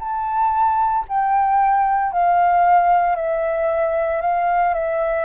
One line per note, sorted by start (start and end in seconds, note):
0.00 1.05 A5
1.08 2.12 G5
2.12 3.16 F5
3.16 4.21 E5
4.22 4.74 F5
4.74 5.25 E5